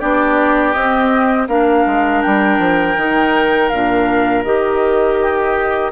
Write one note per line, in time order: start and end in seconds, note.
0.00 0.75 B3
0.00 0.75 D4
0.00 1.48 G4
0.00 0.72 D5
0.72 1.48 C4
0.72 1.49 C4
0.72 1.46 D#5
1.48 1.85 A#3
1.48 2.97 D4
1.48 5.20 A#4
1.48 2.22 F5
1.86 2.23 G#3
2.22 2.59 G3
2.22 3.69 G5
2.59 2.96 F3
2.97 3.71 D#3
2.97 3.71 D#4
3.69 4.45 A#2
3.69 4.45 D4
3.69 4.43 F5
4.44 5.92 D#3
4.44 5.92 G4
4.44 5.92 D#5
5.22 5.92 G4